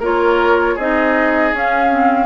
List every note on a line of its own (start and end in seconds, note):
0.00 0.76 A#3
0.00 0.79 F4
0.00 0.75 A#4
0.00 0.79 C#5
0.75 1.53 C4
0.75 1.54 D#4
0.75 2.27 G#4
0.75 1.55 D#5
1.53 2.27 C#4
1.53 1.91 C#4
1.53 2.27 F5
1.91 2.27 C4